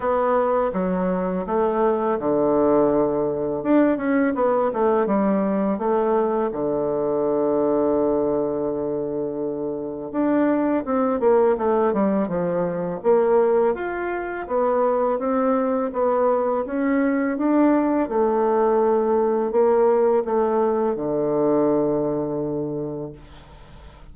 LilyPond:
\new Staff \with { instrumentName = "bassoon" } { \time 4/4 \tempo 4 = 83 b4 fis4 a4 d4~ | d4 d'8 cis'8 b8 a8 g4 | a4 d2.~ | d2 d'4 c'8 ais8 |
a8 g8 f4 ais4 f'4 | b4 c'4 b4 cis'4 | d'4 a2 ais4 | a4 d2. | }